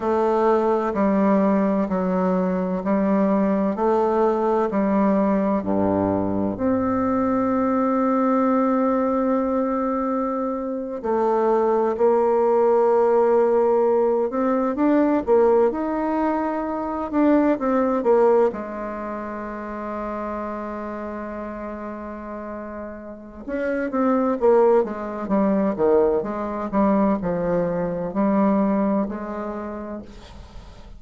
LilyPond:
\new Staff \with { instrumentName = "bassoon" } { \time 4/4 \tempo 4 = 64 a4 g4 fis4 g4 | a4 g4 g,4 c'4~ | c'2.~ c'8. a16~ | a8. ais2~ ais8 c'8 d'16~ |
d'16 ais8 dis'4. d'8 c'8 ais8 gis16~ | gis1~ | gis4 cis'8 c'8 ais8 gis8 g8 dis8 | gis8 g8 f4 g4 gis4 | }